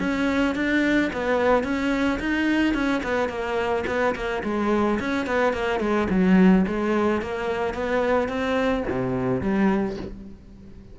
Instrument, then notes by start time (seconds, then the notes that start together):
cello
0.00 C#4
0.56 D4
1.13 B3
1.64 C#4
2.20 D#4
2.74 C#4
3.04 B3
3.29 A#3
3.87 B3
4.15 A#3
4.44 G#3
5.00 C#4
5.27 B3
5.53 A#3
5.80 G#3
6.10 F#3
6.67 G#3
7.22 A#3
7.74 B3
8.29 C4
8.90 C3
9.41 G3